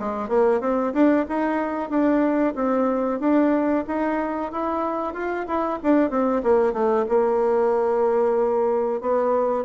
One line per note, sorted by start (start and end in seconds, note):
0.00 0.29 G#3
0.29 0.61 A#3
0.61 0.93 C4
0.94 1.26 D4
1.29 1.90 D#4
1.90 2.55 D4
2.56 3.20 C4
3.21 3.85 D4
3.88 4.52 D#4
4.52 5.14 E4
5.14 5.47 F4
5.47 5.79 E4
5.83 6.11 D4
6.11 6.43 C4
6.43 6.74 A#3
6.74 7.06 A3
7.09 9.01 A#3
9.01 9.65 B3